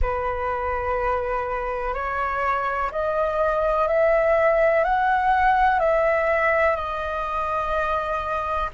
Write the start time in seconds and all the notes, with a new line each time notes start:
0.01 B4
1.94 C#5
2.91 D#5
3.87 E5
4.83 F#5
5.79 E5
6.76 D#5